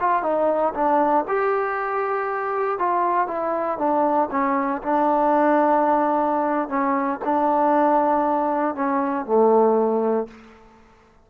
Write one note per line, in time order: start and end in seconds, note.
0.00 0.23 F4
0.23 0.73 D#4
0.74 1.25 D4
1.28 2.79 G4
2.79 3.28 F4
3.28 3.78 E4
3.78 4.29 D4
4.31 4.82 C#4
4.82 6.69 D4
6.69 7.19 C#4
7.25 8.75 D4
8.75 9.26 C#4
9.26 10.28 A3